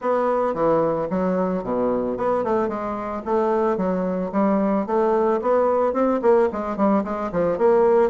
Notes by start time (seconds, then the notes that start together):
0.01 B3
0.54 E3
1.10 F#3
1.63 B2
2.17 B3
2.43 A3
2.68 G#3
3.25 A3
3.77 F#3
4.32 G3
4.86 A3
5.41 B3
5.93 C4
6.22 A#3
6.52 G#3
6.76 G3
7.03 G#3
7.32 F3
7.57 A#3